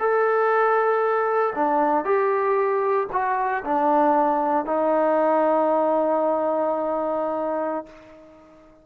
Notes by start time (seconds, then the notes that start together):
0.00 A4
1.56 D4
2.05 G4
3.13 F#4
3.65 D4
4.66 D#4